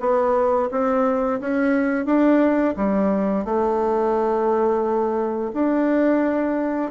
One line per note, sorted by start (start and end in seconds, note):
0.00 0.69 B3
0.71 1.40 C4
1.40 2.05 C#4
2.05 2.74 D4
2.76 3.45 G3
3.45 5.51 A3
5.54 6.91 D4